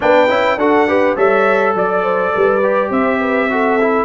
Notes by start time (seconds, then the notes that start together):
0.00 B3 D4 B4 G5
0.28 C#4 E4
0.56 D4 F#4 A4 F#5
0.87 G4 B4
1.15 G3 A4 C#5 E5
1.74 F#3 D5
2.03 C5
2.34 G3 B4
2.62 G4
2.89 C4 C5 E5
3.19 B4
3.50 F#4 A4
3.81 E4